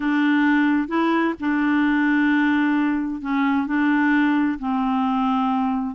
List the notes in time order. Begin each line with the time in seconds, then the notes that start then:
0.00 D4
0.88 E4
1.40 D4
3.21 C#4
3.66 D4
4.59 C4